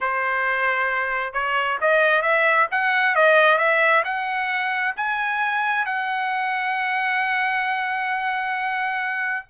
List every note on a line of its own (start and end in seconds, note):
0.00 1.33 C5
1.33 1.78 C#5
1.80 2.22 D#5
2.22 2.67 E5
2.71 3.15 F#5
3.15 3.58 D#5
3.58 4.03 E5
4.04 4.94 F#5
4.96 5.85 G#5
5.85 9.46 F#5